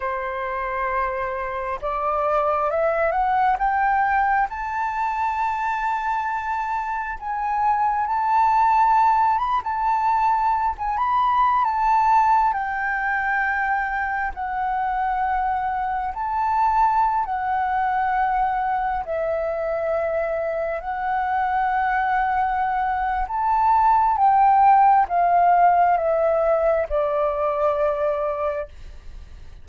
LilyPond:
\new Staff \with { instrumentName = "flute" } { \time 4/4 \tempo 4 = 67 c''2 d''4 e''8 fis''8 | g''4 a''2. | gis''4 a''4. b''16 a''4~ a''16 | gis''16 b''8. a''4 g''2 |
fis''2 a''4~ a''16 fis''8.~ | fis''4~ fis''16 e''2 fis''8.~ | fis''2 a''4 g''4 | f''4 e''4 d''2 | }